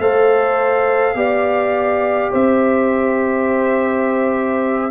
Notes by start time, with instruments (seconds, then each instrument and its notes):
0.00 tuba A3, trombone A4, horn C5, trumpet F5
1.15 tuba B3, trombone G4, horn D5
2.31 tuba C4, horn C5, trumpet E5